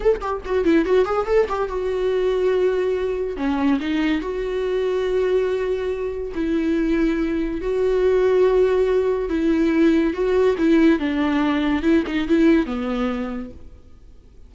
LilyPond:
\new Staff \with { instrumentName = "viola" } { \time 4/4 \tempo 4 = 142 a'8 g'8 fis'8 e'8 fis'8 gis'8 a'8 g'8 | fis'1 | cis'4 dis'4 fis'2~ | fis'2. e'4~ |
e'2 fis'2~ | fis'2 e'2 | fis'4 e'4 d'2 | e'8 dis'8 e'4 b2 | }